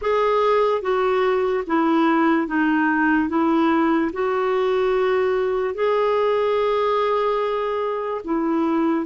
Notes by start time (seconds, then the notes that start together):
0.01 G#4
0.81 F#4
1.67 E4
2.47 D#4
3.28 E4
4.12 F#4
5.74 G#4
8.24 E4